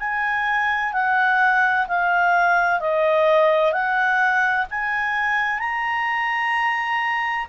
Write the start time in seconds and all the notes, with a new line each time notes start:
0.00 G#5
0.93 F#5
1.88 F5
2.80 D#5
3.72 F#5
4.70 G#5
5.59 A#5